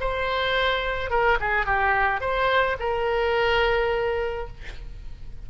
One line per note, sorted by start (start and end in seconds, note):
0.00 1.10 C5
1.10 1.38 A#4
1.40 1.66 G#4
1.66 2.21 G4
2.21 2.77 C5
2.79 4.48 A#4